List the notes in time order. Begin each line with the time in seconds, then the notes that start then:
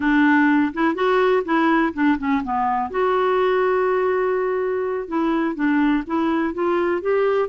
0.00 D4
0.73 E4
0.94 F#4
1.45 E4
1.93 D4
2.18 C#4
2.43 B3
2.90 F#4
5.08 E4
5.55 D4
6.06 E4
6.53 F4
7.01 G4